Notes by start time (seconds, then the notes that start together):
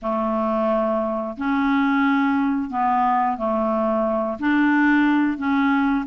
0.02 A3
1.37 C#4
2.70 B3
3.37 A3
4.39 D4
5.37 C#4